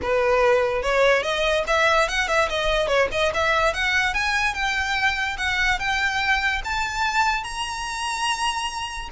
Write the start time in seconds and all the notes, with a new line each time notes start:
0.02 B4
0.82 C#5
1.22 D#5
1.67 E5
2.08 F#5
2.28 E5
2.49 D#5
2.87 C#5
3.11 D#5
3.33 E5
3.73 F#5
4.14 G#5
4.53 G5
5.37 F#5
5.79 G5
6.64 A5
7.43 A#5